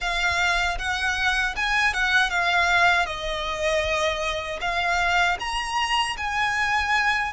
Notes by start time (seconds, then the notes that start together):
0.00 F5
0.78 F#5
1.56 G#5
1.93 F#5
2.30 F5
3.06 D#5
4.60 F5
5.39 A#5
6.17 G#5